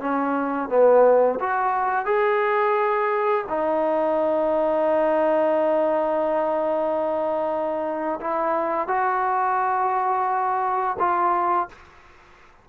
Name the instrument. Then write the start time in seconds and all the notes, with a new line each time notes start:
trombone
0.00 C#4
0.69 B3
1.40 F#4
2.05 G#4
3.49 D#4
8.20 E4
8.87 F#4
10.99 F4